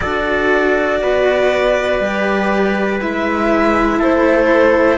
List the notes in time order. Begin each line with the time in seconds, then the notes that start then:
0.00 D4 F#4 A4 D5
1.01 B3 B4
2.00 G3 G4
3.00 G#3 E4 E5
3.99 A3 A4 C5